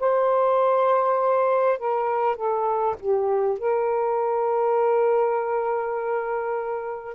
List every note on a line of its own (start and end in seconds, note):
0.00 1.79 C5
1.79 2.36 A#4
2.36 2.96 A4
3.00 3.59 G4
3.59 7.15 A#4